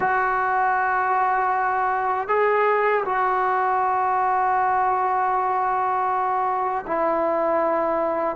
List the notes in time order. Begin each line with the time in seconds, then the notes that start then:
0.00 F#4
2.28 G#4
3.05 F#4
6.86 E4